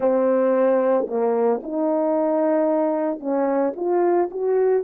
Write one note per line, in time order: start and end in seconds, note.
0.00 1.06 C4
1.07 1.61 A#3
1.63 3.19 D#4
3.19 3.73 C#4
3.75 4.29 F4
4.31 4.83 F#4